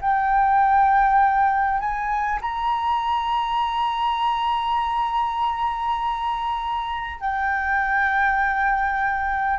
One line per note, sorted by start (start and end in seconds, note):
0.00 1.79 G5
1.79 2.39 G#5
2.41 7.20 A#5
7.20 9.59 G5